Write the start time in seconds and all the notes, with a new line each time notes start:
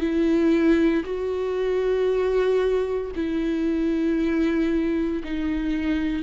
0.00 E4
1.04 F#4
3.16 E4
5.24 D#4